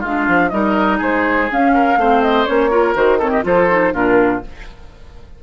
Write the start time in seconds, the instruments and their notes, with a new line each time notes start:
0.00 bassoon G#3, clarinet D4, oboe F4, flute F5
0.28 bassoon F3
0.49 bassoon G3, clarinet D#4, oboe A#4, flute D#5
0.98 bassoon G#3, oboe G#4, flute C5
1.50 clarinet C#4, bassoon C#4, flute F5
1.74 oboe A#4
1.97 bassoon A3, clarinet C4, oboe C5
2.23 flute D#5
2.46 bassoon A#3, clarinet C#4, flute C#5
2.71 clarinet F4, oboe A#4
2.95 bassoon D#3, clarinet F#4, flute C5
3.19 clarinet C4, oboe A4, flute C#5
3.30 oboe G4, flute D#5
3.43 bassoon F3, clarinet F4, oboe A4, flute C5
3.70 clarinet D#4
3.93 bassoon A#2, clarinet D4, oboe F4, flute A#4